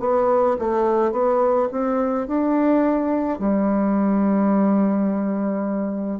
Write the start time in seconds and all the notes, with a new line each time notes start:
0.00 B3
0.59 A3
1.12 B3
1.71 C4
2.27 D4
3.39 G3